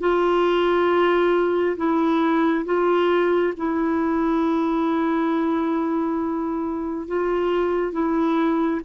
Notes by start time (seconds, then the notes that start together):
0.00 F4
1.77 E4
2.66 F4
3.57 E4
7.08 F4
7.93 E4